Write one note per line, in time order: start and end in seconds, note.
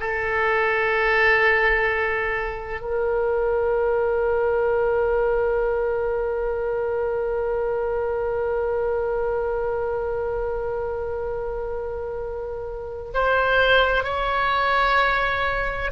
0.00 2.80 A4
2.80 13.12 A#4
13.14 14.04 C5
14.04 15.91 C#5